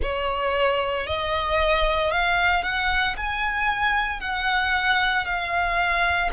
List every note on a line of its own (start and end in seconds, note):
0.02 1.07 C#5
1.07 2.11 D#5
2.11 2.63 F5
2.63 3.15 F#5
3.16 4.20 G#5
4.20 5.25 F#5
5.25 6.30 F5